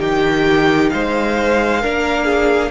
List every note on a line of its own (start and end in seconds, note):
0.00 0.91 D#3
0.00 1.82 D#4
0.00 0.91 G4
0.00 0.90 G5
0.90 1.85 G#3
0.90 1.81 C5
0.90 2.71 F5
1.81 2.71 A#3
1.81 2.71 D4
1.81 2.25 A#4
2.25 2.71 G#4